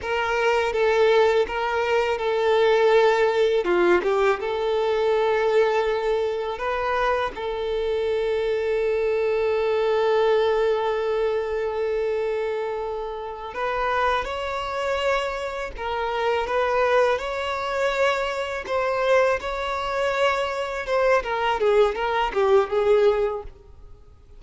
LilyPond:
\new Staff \with { instrumentName = "violin" } { \time 4/4 \tempo 4 = 82 ais'4 a'4 ais'4 a'4~ | a'4 f'8 g'8 a'2~ | a'4 b'4 a'2~ | a'1~ |
a'2~ a'8 b'4 cis''8~ | cis''4. ais'4 b'4 cis''8~ | cis''4. c''4 cis''4.~ | cis''8 c''8 ais'8 gis'8 ais'8 g'8 gis'4 | }